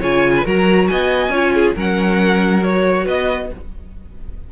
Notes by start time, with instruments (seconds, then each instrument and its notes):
0.00 cello C#3, viola F4, violin C#5 G#5
0.37 violin B4
0.44 cello F#3, viola F#4, violin A#4 A#5
0.87 cello B3, violin D#5 G#5
1.29 cello C#4, viola F4, violin C#5
1.54 violin G#4
1.75 cello F#3, viola C#4, violin A#4 F#5
2.61 viola F#4, violin C#5
3.04 cello B3, violin B4 D#5